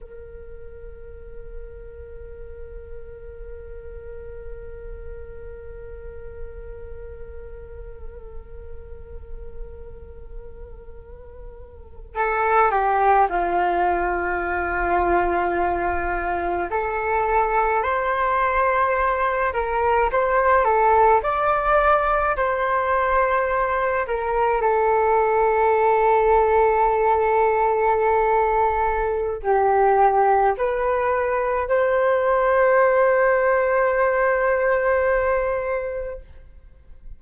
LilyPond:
\new Staff \with { instrumentName = "flute" } { \time 4/4 \tempo 4 = 53 ais'1~ | ais'1~ | ais'2~ ais'8. a'8 g'8 f'16~ | f'2~ f'8. a'4 c''16~ |
c''4~ c''16 ais'8 c''8 a'8 d''4 c''16~ | c''4~ c''16 ais'8 a'2~ a'16~ | a'2 g'4 b'4 | c''1 | }